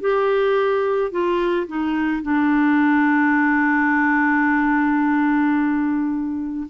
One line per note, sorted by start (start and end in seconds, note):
0.00 1.11 G4
1.11 1.67 F4
1.67 2.22 D#4
2.22 6.67 D4